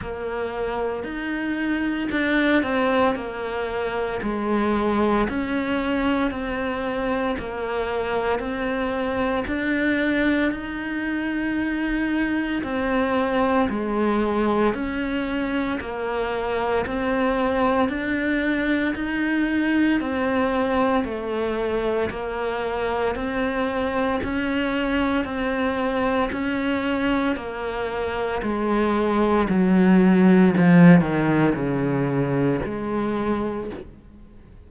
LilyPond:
\new Staff \with { instrumentName = "cello" } { \time 4/4 \tempo 4 = 57 ais4 dis'4 d'8 c'8 ais4 | gis4 cis'4 c'4 ais4 | c'4 d'4 dis'2 | c'4 gis4 cis'4 ais4 |
c'4 d'4 dis'4 c'4 | a4 ais4 c'4 cis'4 | c'4 cis'4 ais4 gis4 | fis4 f8 dis8 cis4 gis4 | }